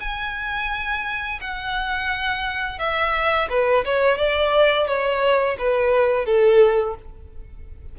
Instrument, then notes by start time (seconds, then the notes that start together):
violin
0.00 G#5
1.41 F#5
2.79 E5
3.50 B4
3.85 C#5
4.18 D5
4.87 C#5
5.58 B4
6.26 A4